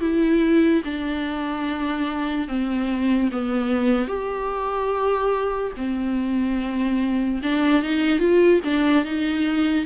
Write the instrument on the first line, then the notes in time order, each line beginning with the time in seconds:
viola
0.00 E4
0.84 D4
2.48 C4
3.31 B3
4.07 G4
5.76 C4
7.43 D4
7.82 D#4
8.19 F4
8.64 D4
9.04 D#4